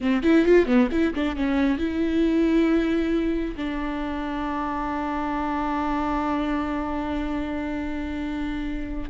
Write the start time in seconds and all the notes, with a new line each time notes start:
0.00 C4
0.22 E4
0.45 F4
0.66 B3
0.91 E4
1.14 D4
1.36 C#4
1.78 E4
3.56 D4